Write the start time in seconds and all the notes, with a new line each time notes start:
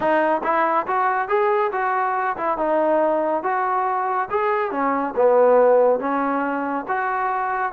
0.00 D#4
0.43 E4
0.86 F#4
1.28 G#4
1.72 F#4
2.36 E4
2.57 D#4
3.43 F#4
4.30 G#4
4.71 C#4
5.16 B3
5.99 C#4
6.88 F#4